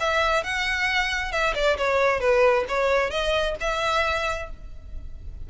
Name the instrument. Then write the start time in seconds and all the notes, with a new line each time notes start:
violin
0.00 E5
0.43 F#5
1.32 E5
1.54 D5
1.77 C#5
2.20 B4
2.68 C#5
3.10 D#5
3.60 E5